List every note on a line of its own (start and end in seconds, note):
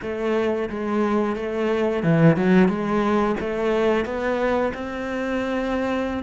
0.02 0.69 A3
0.69 1.36 G#3
1.36 2.03 A3
2.03 2.36 E3
2.36 2.68 F#3
2.68 3.35 G#3
3.40 4.05 A3
4.05 4.72 B3
4.74 6.23 C4